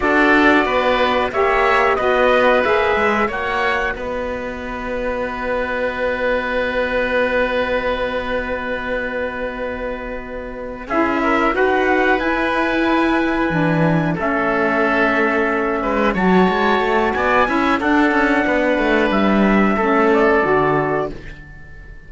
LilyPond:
<<
  \new Staff \with { instrumentName = "trumpet" } { \time 4/4 \tempo 4 = 91 d''2 e''4 dis''4 | e''4 fis''4 dis''2~ | dis''1~ | dis''1~ |
dis''8 e''4 fis''4 gis''4.~ | gis''4. e''2~ e''8~ | e''8 a''4. gis''4 fis''4~ | fis''4 e''4. d''4. | }
  \new Staff \with { instrumentName = "oboe" } { \time 4/4 a'4 b'4 cis''4 b'4~ | b'4 cis''4 b'2~ | b'1~ | b'1~ |
b'8 gis'8 ais'8 b'2~ b'8~ | b'4. a'2~ a'8 | b'8 cis''4. d''8 e''8 a'4 | b'2 a'2 | }
  \new Staff \with { instrumentName = "saxophone" } { \time 4/4 fis'2 g'4 fis'4 | gis'4 fis'2.~ | fis'1~ | fis'1~ |
fis'8 e'4 fis'4 e'4.~ | e'8 d'4 cis'2~ cis'8~ | cis'8 fis'2 e'8 d'4~ | d'2 cis'4 fis'4 | }
  \new Staff \with { instrumentName = "cello" } { \time 4/4 d'4 b4 ais4 b4 | ais8 gis8 ais4 b2~ | b1~ | b1~ |
b8 cis'4 dis'4 e'4.~ | e'8 e4 a2~ a8 | gis8 fis8 gis8 a8 b8 cis'8 d'8 cis'8 | b8 a8 g4 a4 d4 | }
>>